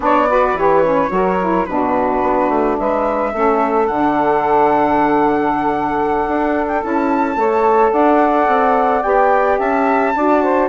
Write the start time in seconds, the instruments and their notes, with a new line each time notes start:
0.00 bassoon B3, saxophone D4 C#5, flute D5
0.28 saxophone F#4 B4
0.53 bassoon E3, saxophone G4, flute C#5
0.84 saxophone C#4
1.09 bassoon F#3, saxophone F#4 A#4
1.40 saxophone E4
1.65 bassoon B2, saxophone D4 F#4, flute B4
2.22 bassoon B3
2.49 bassoon A3
2.78 bassoon G#3, saxophone B4, flute E5
3.32 bassoon A3, saxophone C#4 A4
3.86 bassoon D3, saxophone D4, flute F#5
6.28 bassoon D4
6.68 flute G5
6.80 bassoon C#4, saxophone E4, flute A5
7.36 bassoon A3, saxophone A4 C#5
7.91 bassoon D4, saxophone D5, flute F#5
8.47 bassoon C4
9.01 bassoon B3, saxophone G4, flute G5
9.58 bassoon C#4, saxophone E5, flute A5
10.15 bassoon D4, saxophone F#4 D5
10.42 saxophone C5